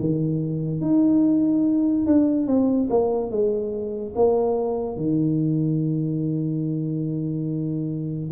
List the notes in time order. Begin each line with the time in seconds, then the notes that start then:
0.00 D#3
0.81 D#4
2.06 D4
2.47 C4
2.90 A#3
3.31 G#3
4.16 A#3
4.97 D#3